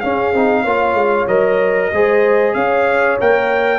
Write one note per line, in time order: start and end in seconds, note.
0.00 0.33 C#4
0.00 0.62 G#4
0.00 1.26 F5
0.33 0.64 C4
0.33 0.66 D#4
0.62 0.93 A#3
0.62 1.28 F4
0.62 1.88 C#5
0.93 1.25 G#3
1.27 1.90 F#3
1.27 1.91 A#4
1.27 2.54 D#5
1.92 2.54 G#3
1.92 3.20 G#4
1.92 2.56 C5
2.54 3.17 C#4
2.54 3.79 C#5
2.54 3.17 F5
3.20 3.79 A#3
3.20 3.79 A#4
3.20 3.79 G5